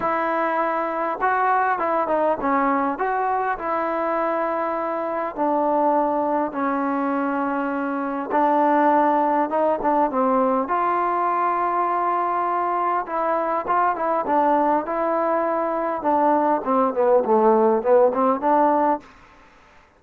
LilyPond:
\new Staff \with { instrumentName = "trombone" } { \time 4/4 \tempo 4 = 101 e'2 fis'4 e'8 dis'8 | cis'4 fis'4 e'2~ | e'4 d'2 cis'4~ | cis'2 d'2 |
dis'8 d'8 c'4 f'2~ | f'2 e'4 f'8 e'8 | d'4 e'2 d'4 | c'8 b8 a4 b8 c'8 d'4 | }